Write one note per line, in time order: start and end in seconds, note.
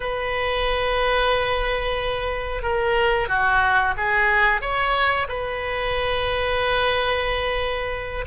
0.00 2.62 B4
2.62 3.28 A#4
3.28 3.94 F#4
3.97 4.61 G#4
4.61 5.27 C#5
5.28 8.25 B4